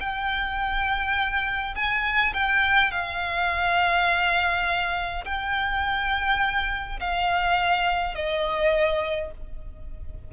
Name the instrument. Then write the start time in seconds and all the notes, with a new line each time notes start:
violin
0.00 G5
1.75 G#5
2.33 G5
2.91 F5
5.25 G5
7.00 F5
8.14 D#5